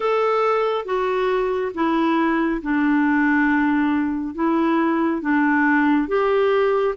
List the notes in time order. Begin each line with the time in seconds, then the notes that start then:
0.00 A4
0.85 F#4
1.74 E4
2.62 D4
4.34 E4
5.21 D4
6.08 G4